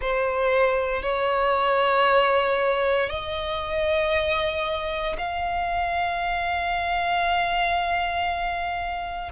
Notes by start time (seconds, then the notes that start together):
0.01 C5
1.02 C#5
3.09 D#5
5.18 F5